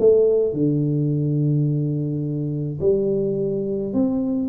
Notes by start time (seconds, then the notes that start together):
0.00 A3
0.53 D3
2.80 G3
3.94 C4